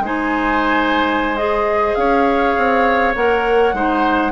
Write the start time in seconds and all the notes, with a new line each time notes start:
0.00 G#3 D#4 C5 G#5
1.36 G#4 D#5
1.95 C#4 C#5 F5
2.57 C4
3.15 A#3 A#4 F#5
3.73 G#3 D#4 C5